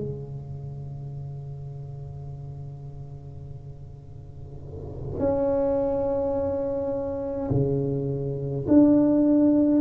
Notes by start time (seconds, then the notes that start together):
0.00 C#3
5.19 C#4
7.51 C#3
8.68 D4